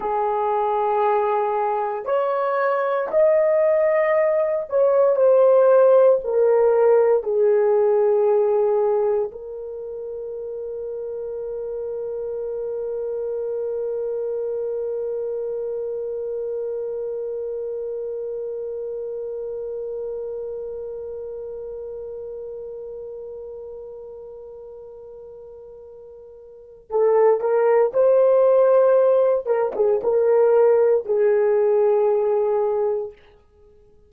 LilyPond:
\new Staff \with { instrumentName = "horn" } { \time 4/4 \tempo 4 = 58 gis'2 cis''4 dis''4~ | dis''8 cis''8 c''4 ais'4 gis'4~ | gis'4 ais'2.~ | ais'1~ |
ais'1~ | ais'1~ | ais'2 a'8 ais'8 c''4~ | c''8 ais'16 gis'16 ais'4 gis'2 | }